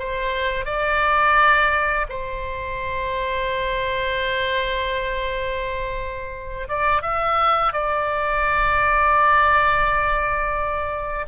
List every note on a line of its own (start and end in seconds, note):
0.00 0.66 C5
0.66 2.07 D5
2.10 6.68 C5
6.69 7.03 D5
7.03 7.73 E5
7.73 11.26 D5